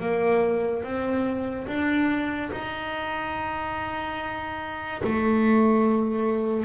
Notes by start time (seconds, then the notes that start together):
0.00 A#3
0.83 C4
1.67 D4
2.52 D#4
5.03 A3